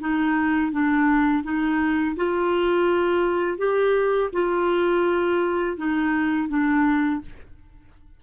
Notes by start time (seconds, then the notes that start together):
0.00 D#4
0.72 D4
1.44 D#4
2.17 F4
3.58 G4
4.33 F4
5.77 D#4
6.49 D4